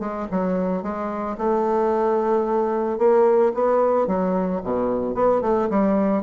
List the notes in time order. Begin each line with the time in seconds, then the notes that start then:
0.00 G#3
0.31 F#3
0.83 G#3
1.38 A3
2.98 A#3
3.54 B3
4.07 F#3
4.64 B2
5.15 B3
5.42 A3
5.70 G3